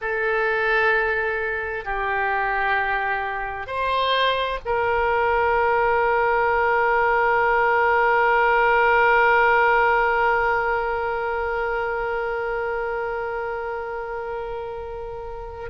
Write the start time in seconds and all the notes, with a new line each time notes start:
0.01 A4
1.84 G4
3.66 C5
4.65 A#4